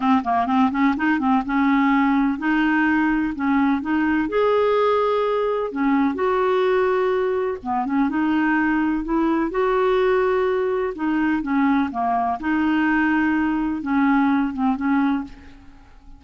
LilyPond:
\new Staff \with { instrumentName = "clarinet" } { \time 4/4 \tempo 4 = 126 c'8 ais8 c'8 cis'8 dis'8 c'8 cis'4~ | cis'4 dis'2 cis'4 | dis'4 gis'2. | cis'4 fis'2. |
b8 cis'8 dis'2 e'4 | fis'2. dis'4 | cis'4 ais4 dis'2~ | dis'4 cis'4. c'8 cis'4 | }